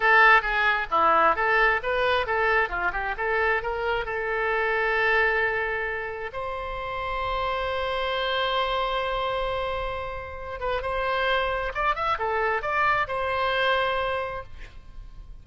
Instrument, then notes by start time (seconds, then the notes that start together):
oboe
0.00 A4
0.41 G#4
0.90 E4
1.35 A4
1.82 B4
2.26 A4
2.69 F4
2.92 G4
3.17 A4
3.62 A#4
4.05 A4
6.32 C5
10.60 B4
10.82 C5
11.74 D5
11.95 E5
12.18 A4
12.62 D5
13.07 C5